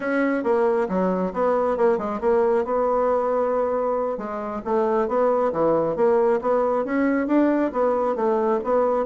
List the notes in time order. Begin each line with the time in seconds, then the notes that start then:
0.00 C#4
0.43 A#3
0.88 F#3
1.33 B3
1.77 A#3
1.98 G#3
2.20 A#3
2.65 B3
4.17 G#3
4.64 A3
5.08 B3
5.52 E3
5.96 A#3
6.41 B3
6.84 C#4
7.27 D4
7.72 B3
8.15 A3
8.64 B3